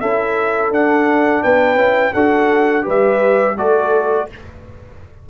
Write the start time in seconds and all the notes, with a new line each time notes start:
0.00 C#4 E4 A4 E5
0.71 D4 F#5
1.43 B3 B4 G5
1.75 C#4 E4
2.13 D4 F#4 A4 F#5
2.82 G3 G4 B4
2.89 E5
3.57 A3 F#4 A4 D5